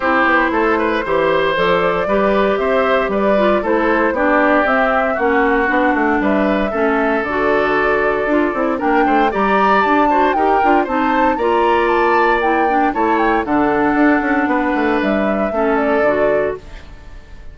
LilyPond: <<
  \new Staff \with { instrumentName = "flute" } { \time 4/4 \tempo 4 = 116 c''2. d''4~ | d''4 e''4 d''4 c''4 | d''4 e''4 fis''2 | e''2 d''2~ |
d''4 g''4 ais''4 a''4 | g''4 a''4 ais''4 a''4 | g''4 a''8 g''8 fis''2~ | fis''4 e''4. d''4. | }
  \new Staff \with { instrumentName = "oboe" } { \time 4/4 g'4 a'8 b'8 c''2 | b'4 c''4 b'4 a'4 | g'2 fis'2 | b'4 a'2.~ |
a'4 ais'8 c''8 d''4. c''8 | ais'4 c''4 d''2~ | d''4 cis''4 a'2 | b'2 a'2 | }
  \new Staff \with { instrumentName = "clarinet" } { \time 4/4 e'2 g'4 a'4 | g'2~ g'8 f'8 e'4 | d'4 c'4 cis'4 d'4~ | d'4 cis'4 fis'2 |
f'8 e'8 d'4 g'4. fis'8 | g'8 f'8 dis'4 f'2 | e'8 d'8 e'4 d'2~ | d'2 cis'4 fis'4 | }
  \new Staff \with { instrumentName = "bassoon" } { \time 4/4 c'8 b8 a4 e4 f4 | g4 c'4 g4 a4 | b4 c'4 ais4 b8 a8 | g4 a4 d2 |
d'8 c'8 ais8 a8 g4 d'4 | dis'8 d'8 c'4 ais2~ | ais4 a4 d4 d'8 cis'8 | b8 a8 g4 a4 d4 | }
>>